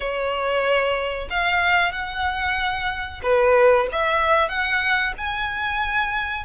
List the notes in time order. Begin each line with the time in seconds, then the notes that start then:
0.00 C#5
1.29 F5
1.92 F#5
3.22 B4
3.91 E5
4.48 F#5
5.17 G#5